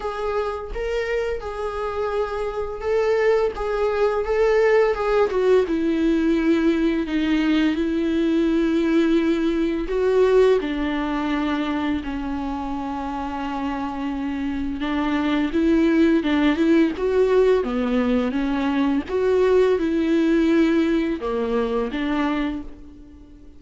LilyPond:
\new Staff \with { instrumentName = "viola" } { \time 4/4 \tempo 4 = 85 gis'4 ais'4 gis'2 | a'4 gis'4 a'4 gis'8 fis'8 | e'2 dis'4 e'4~ | e'2 fis'4 d'4~ |
d'4 cis'2.~ | cis'4 d'4 e'4 d'8 e'8 | fis'4 b4 cis'4 fis'4 | e'2 ais4 d'4 | }